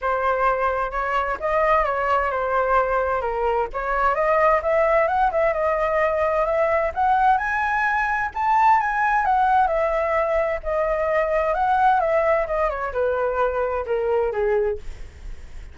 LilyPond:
\new Staff \with { instrumentName = "flute" } { \time 4/4 \tempo 4 = 130 c''2 cis''4 dis''4 | cis''4 c''2 ais'4 | cis''4 dis''4 e''4 fis''8 e''8 | dis''2 e''4 fis''4 |
gis''2 a''4 gis''4 | fis''4 e''2 dis''4~ | dis''4 fis''4 e''4 dis''8 cis''8 | b'2 ais'4 gis'4 | }